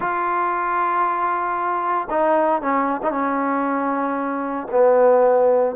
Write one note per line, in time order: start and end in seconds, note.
0.00 2.08 F4
2.09 2.61 D#4
2.61 3.00 C#4
3.03 3.11 D#4
3.11 4.67 C#4
4.71 5.75 B3